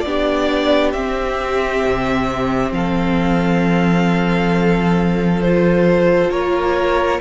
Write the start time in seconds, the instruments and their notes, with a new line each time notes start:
0.00 cello B3, viola D4, violin G4 D5
0.92 cello C4, viola C4, violin E5
1.84 cello C3
2.71 cello F3, violin A4 F5
5.41 viola F4, violin C5
6.29 cello A#3, violin A#4 C#5